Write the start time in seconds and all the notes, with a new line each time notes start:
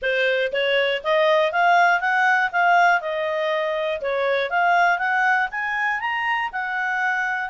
0.02 C5
0.52 C#5
1.03 D#5
1.52 F5
2.00 F#5
2.52 F5
3.00 D#5
4.01 C#5
4.50 F5
4.98 F#5
5.51 G#5
6.00 A#5
6.52 F#5